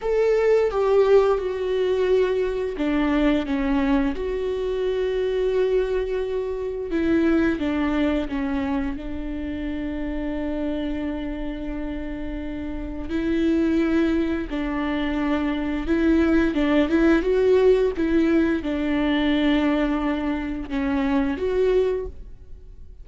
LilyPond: \new Staff \with { instrumentName = "viola" } { \time 4/4 \tempo 4 = 87 a'4 g'4 fis'2 | d'4 cis'4 fis'2~ | fis'2 e'4 d'4 | cis'4 d'2.~ |
d'2. e'4~ | e'4 d'2 e'4 | d'8 e'8 fis'4 e'4 d'4~ | d'2 cis'4 fis'4 | }